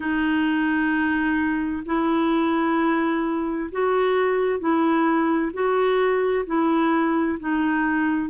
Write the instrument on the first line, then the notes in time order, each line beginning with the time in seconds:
clarinet
0.00 D#4
1.85 E4
3.71 F#4
4.59 E4
5.53 F#4
6.46 E4
7.39 D#4